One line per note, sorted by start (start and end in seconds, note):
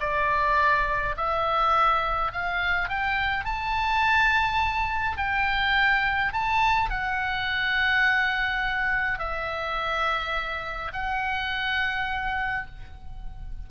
0.00 1.15 D5
1.16 2.32 E5
2.32 2.89 F5
2.89 3.45 G5
3.45 5.17 A5
5.17 6.33 G5
6.33 6.90 A5
6.90 9.19 F#5
9.19 10.92 E5
10.93 12.66 F#5